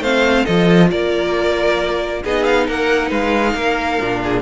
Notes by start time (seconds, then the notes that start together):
0.00 A3 C4 C5 F5
0.44 F3 F4 A4 D#5
0.91 A#3 A#4 D5
2.24 B3 D#4 G#4 D#5
2.45 F5
2.67 A#3 A#4 F#5
3.09 G#3 B4 F5
3.55 A#3 A#4
4.00 A#2 D4
4.24 G#4